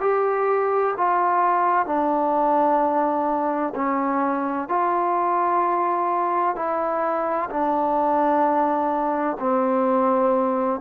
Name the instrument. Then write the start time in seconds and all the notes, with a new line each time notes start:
trombone
0.00 G4
0.97 F4
1.86 D4
3.75 C#4
4.68 F4
6.55 E4
7.50 D4
9.39 C4